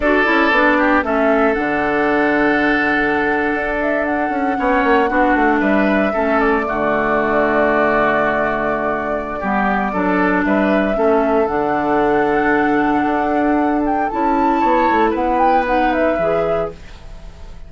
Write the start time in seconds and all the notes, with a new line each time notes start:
0.00 D4 F#4 A4 D5
0.24 C#4 E4
0.50 B3 D4
0.78 G4
1.02 A3 C#4 A4 E5
1.53 D3 D4 F#5
3.53 D4
3.81 E5
4.04 F#5
4.29 C#4
4.55 B3 C#4 C#5
4.83 A#3
5.08 B3 D4 F#4
5.35 A3
5.60 G3 B4 E5
6.12 A3 C#4 A4
6.39 D5
6.63 D3 A3 F#4
9.39 G3 B3 G4
9.92 F#3 D4 A4
10.44 G3 B4 E5
10.94 A3 C#4 A4
11.46 D3 D4 F#5
13.05 D4
13.85 G5
14.09 C#4 E4 A5
14.59 B3 C#5
14.90 A3
15.10 B3 B4 F#5
15.38 G5
15.65 D#4 F#5
15.92 E5
16.18 E3 G#4